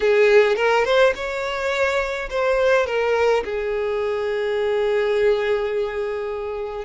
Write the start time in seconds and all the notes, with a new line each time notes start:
0.00 G#4
0.56 A#4
0.84 C5
1.15 C#5
2.29 C5
2.86 A#4
3.44 G#4